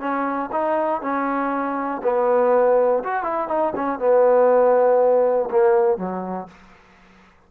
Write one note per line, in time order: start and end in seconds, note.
0.00 0.50 C#4
0.52 1.02 D#4
1.02 2.02 C#4
2.03 3.03 B3
3.04 3.24 F#4
3.24 3.48 E4
3.48 3.73 D#4
3.76 3.99 C#4
3.99 5.49 B3
5.51 5.98 A#3
5.98 6.48 F#3